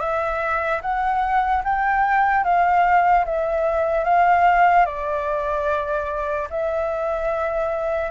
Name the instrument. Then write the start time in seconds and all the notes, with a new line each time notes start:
flute
0.00 E5
0.82 F#5
1.64 G5
2.44 F5
3.25 E5
4.05 F5
4.86 D5
6.50 E5